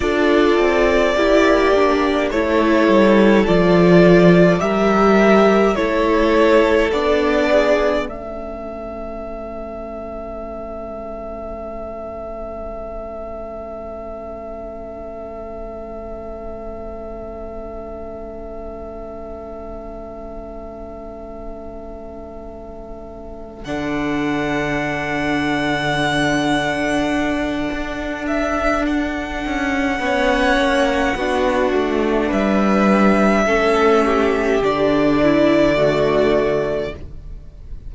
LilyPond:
<<
  \new Staff \with { instrumentName = "violin" } { \time 4/4 \tempo 4 = 52 d''2 cis''4 d''4 | e''4 cis''4 d''4 e''4~ | e''1~ | e''1~ |
e''1~ | e''8 fis''2.~ fis''8~ | fis''8 e''8 fis''2. | e''2 d''2 | }
  \new Staff \with { instrumentName = "violin" } { \time 4/4 a'4 g'4 a'2 | ais'4 a'4. gis'8 a'4~ | a'1~ | a'1~ |
a'1~ | a'1~ | a'2 cis''4 fis'4 | b'4 a'8 g'4 e'8 fis'4 | }
  \new Staff \with { instrumentName = "viola" } { \time 4/4 f'4 e'8 d'8 e'4 f'4 | g'4 e'4 d'4 cis'4~ | cis'1~ | cis'1~ |
cis'1~ | cis'8 d'2.~ d'8~ | d'2 cis'4 d'4~ | d'4 cis'4 d'4 a4 | }
  \new Staff \with { instrumentName = "cello" } { \time 4/4 d'8 c'8 ais4 a8 g8 f4 | g4 a4 b4 a4~ | a1~ | a1~ |
a1~ | a8 d2.~ d8 | d'4. cis'8 b8 ais8 b8 a8 | g4 a4 d2 | }
>>